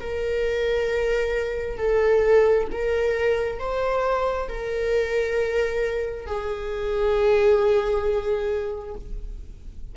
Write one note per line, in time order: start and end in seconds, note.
0.00 1.78 A#4
1.78 2.68 A4
2.72 3.59 A#4
3.59 4.49 C5
4.49 6.27 A#4
6.27 8.96 G#4